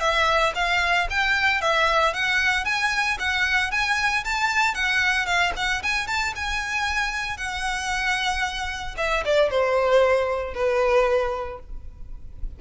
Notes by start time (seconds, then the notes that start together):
0.00 E5
0.55 F5
1.10 G5
1.61 E5
2.14 F#5
2.65 G#5
3.19 F#5
3.71 G#5
4.24 A5
4.74 F#5
5.26 F5
5.56 F#5
5.83 G#5
6.07 A5
6.35 G#5
7.37 F#5
8.97 E5
9.25 D5
9.50 C5
10.54 B4